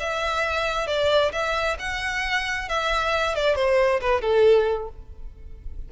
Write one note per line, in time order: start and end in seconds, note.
0.00 0.87 E5
0.87 1.32 D5
1.32 1.77 E5
1.79 2.68 F#5
2.68 3.35 E5
3.35 3.55 D5
3.55 4.00 C5
4.01 4.22 B4
4.22 4.89 A4